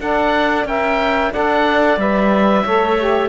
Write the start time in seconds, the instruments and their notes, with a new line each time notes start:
0.00 cello D4, saxophone A4, clarinet D5, oboe F#5
0.65 cello C#4, saxophone A#4, clarinet E5, oboe G5
1.32 cello D4, saxophone A4, clarinet D5, oboe F#5
1.97 cello G3, saxophone B4, oboe E5
2.64 cello A3, saxophone A4, clarinet C#5
2.99 saxophone G4